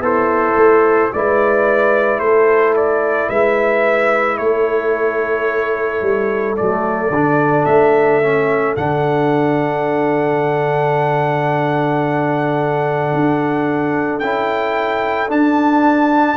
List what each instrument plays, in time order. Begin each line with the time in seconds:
0.00 tuba B3, horn E4, trombone A4, trumpet C5
0.56 tuba A3
1.13 tuba G#3, trombone E4, horn B4, trumpet D5
2.19 tuba A3, horn A4, trumpet C5
2.76 trumpet D5
3.28 tuba G#3, horn B4, trumpet E5
4.37 tuba A3, horn A4, trumpet C#5
6.01 tuba G3
6.57 tuba F#3, trombone A3, trumpet D5
7.10 tuba D3, trombone D4
7.65 tuba A3, trumpet E5
8.22 trombone C#4
8.76 tuba D3, trombone D4, trumpet F#5
13.13 tuba D4
14.19 tuba C#4, trombone E4, trumpet G5
15.28 trombone D4, tuba D4, trumpet A5